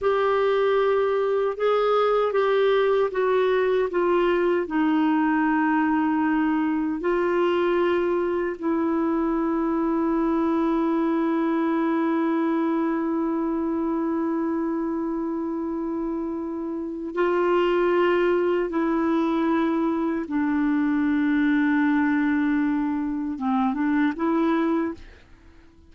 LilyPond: \new Staff \with { instrumentName = "clarinet" } { \time 4/4 \tempo 4 = 77 g'2 gis'4 g'4 | fis'4 f'4 dis'2~ | dis'4 f'2 e'4~ | e'1~ |
e'1~ | e'2 f'2 | e'2 d'2~ | d'2 c'8 d'8 e'4 | }